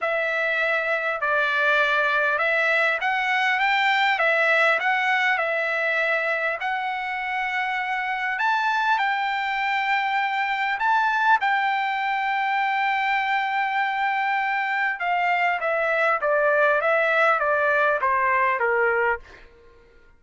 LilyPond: \new Staff \with { instrumentName = "trumpet" } { \time 4/4 \tempo 4 = 100 e''2 d''2 | e''4 fis''4 g''4 e''4 | fis''4 e''2 fis''4~ | fis''2 a''4 g''4~ |
g''2 a''4 g''4~ | g''1~ | g''4 f''4 e''4 d''4 | e''4 d''4 c''4 ais'4 | }